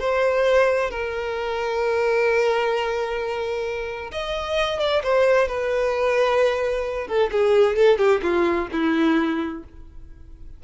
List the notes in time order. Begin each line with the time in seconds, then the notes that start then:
0.00 C5
0.91 A#4
4.12 D#5
4.80 D5
5.04 C5
5.48 B4
7.08 A4
7.32 G#4
7.76 A4
7.98 G4
8.23 F4
8.72 E4